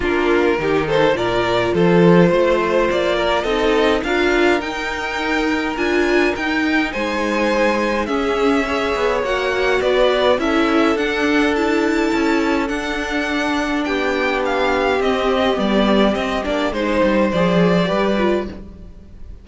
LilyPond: <<
  \new Staff \with { instrumentName = "violin" } { \time 4/4 \tempo 4 = 104 ais'4. c''8 d''4 c''4~ | c''4 d''4 dis''4 f''4 | g''2 gis''4 g''4 | gis''2 e''2 |
fis''4 d''4 e''4 fis''4 | a''2 fis''2 | g''4 f''4 dis''4 d''4 | dis''8 d''8 c''4 d''2 | }
  \new Staff \with { instrumentName = "violin" } { \time 4/4 f'4 g'8 a'8 ais'4 a'4 | c''4. ais'8 a'4 ais'4~ | ais'1 | c''2 gis'4 cis''4~ |
cis''4 b'4 a'2~ | a'1 | g'1~ | g'4 c''2 b'4 | }
  \new Staff \with { instrumentName = "viola" } { \time 4/4 d'4 dis'4 f'2~ | f'2 dis'4 f'4 | dis'2 f'4 dis'4~ | dis'2 cis'4 gis'4 |
fis'2 e'4 d'4 | e'2 d'2~ | d'2 c'4 b4 | c'8 d'8 dis'4 gis'4 g'8 f'8 | }
  \new Staff \with { instrumentName = "cello" } { \time 4/4 ais4 dis4 ais,4 f4 | a4 ais4 c'4 d'4 | dis'2 d'4 dis'4 | gis2 cis'4. b8 |
ais4 b4 cis'4 d'4~ | d'4 cis'4 d'2 | b2 c'4 g4 | c'8 ais8 gis8 g8 f4 g4 | }
>>